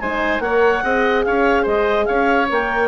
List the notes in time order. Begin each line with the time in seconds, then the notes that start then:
0.00 G#3 D#4 C5 G#5
0.39 A#3 A#4 C#5 F#5
0.83 C4 G#4 D#5
1.24 C#4 C#5 F5
1.62 G#3 C5 D#5
2.05 C#4 C#5 F5
2.49 A#3 A#4 G5